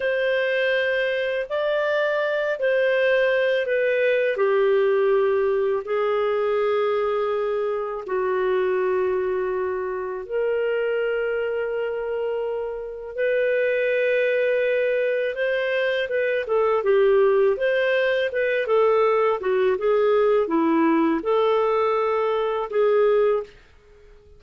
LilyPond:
\new Staff \with { instrumentName = "clarinet" } { \time 4/4 \tempo 4 = 82 c''2 d''4. c''8~ | c''4 b'4 g'2 | gis'2. fis'4~ | fis'2 ais'2~ |
ais'2 b'2~ | b'4 c''4 b'8 a'8 g'4 | c''4 b'8 a'4 fis'8 gis'4 | e'4 a'2 gis'4 | }